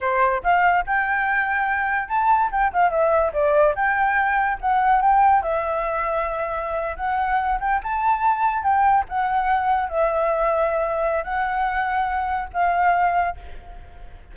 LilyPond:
\new Staff \with { instrumentName = "flute" } { \time 4/4 \tempo 4 = 144 c''4 f''4 g''2~ | g''4 a''4 g''8 f''8 e''4 | d''4 g''2 fis''4 | g''4 e''2.~ |
e''8. fis''4. g''8 a''4~ a''16~ | a''8. g''4 fis''2 e''16~ | e''2. fis''4~ | fis''2 f''2 | }